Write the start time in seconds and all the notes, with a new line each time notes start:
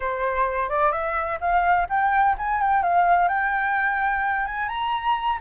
0.00 C5
0.69 D5
0.92 E5
1.40 F5
1.89 G5
2.38 G#5
2.61 G5
2.82 F5
3.28 G5
4.45 G#5
4.68 A#5